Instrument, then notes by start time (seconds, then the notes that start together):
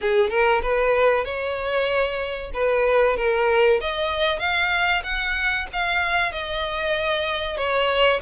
violin
0.01 G#4
0.30 A#4
0.62 B4
1.24 C#5
2.53 B4
3.16 A#4
3.80 D#5
4.39 F5
5.03 F#5
5.72 F5
6.32 D#5
7.57 C#5